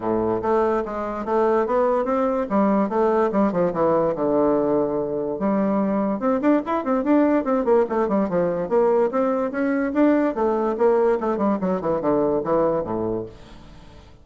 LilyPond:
\new Staff \with { instrumentName = "bassoon" } { \time 4/4 \tempo 4 = 145 a,4 a4 gis4 a4 | b4 c'4 g4 a4 | g8 f8 e4 d2~ | d4 g2 c'8 d'8 |
e'8 c'8 d'4 c'8 ais8 a8 g8 | f4 ais4 c'4 cis'4 | d'4 a4 ais4 a8 g8 | fis8 e8 d4 e4 a,4 | }